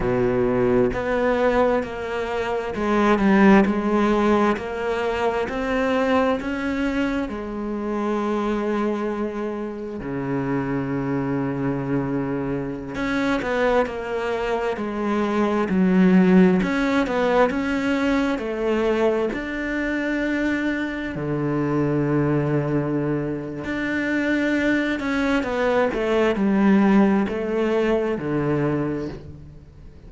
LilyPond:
\new Staff \with { instrumentName = "cello" } { \time 4/4 \tempo 4 = 66 b,4 b4 ais4 gis8 g8 | gis4 ais4 c'4 cis'4 | gis2. cis4~ | cis2~ cis16 cis'8 b8 ais8.~ |
ais16 gis4 fis4 cis'8 b8 cis'8.~ | cis'16 a4 d'2 d8.~ | d2 d'4. cis'8 | b8 a8 g4 a4 d4 | }